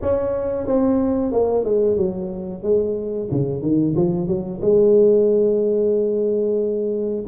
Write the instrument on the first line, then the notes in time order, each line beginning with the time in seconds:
tuba
0.01 C#4
0.67 C4
1.32 A#3
1.64 G#3
1.96 F#3
2.62 G#3
3.31 C#3
3.61 D#3
3.96 F3
4.27 F#3
4.61 G#3